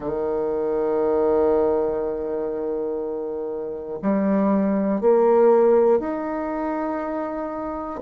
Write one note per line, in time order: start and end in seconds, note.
0.00 3.99 D#3
4.01 5.00 G3
5.00 6.00 A#3
6.00 8.00 D#4